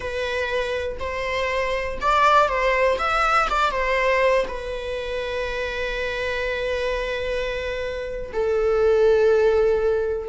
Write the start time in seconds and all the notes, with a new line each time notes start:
0.00 B4
0.99 C5
2.01 D5
2.48 C5
2.98 E5
3.49 D5
3.71 C5
4.47 B4
8.32 A4